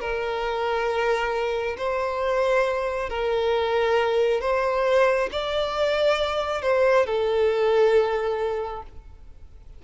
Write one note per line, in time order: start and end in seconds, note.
0.00 1.76 A#4
1.77 3.09 C5
3.09 4.41 A#4
4.41 5.29 C5
5.32 6.62 D5
6.62 7.06 C5
7.06 8.83 A4